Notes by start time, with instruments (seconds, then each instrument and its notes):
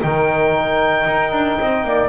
0.00 double bass D#3, trombone D#4, saxophone A#4, oboe G5
1.06 double bass D#4
1.32 double bass D4
1.60 double bass C4, saxophone D#5
1.83 double bass A#3, saxophone D5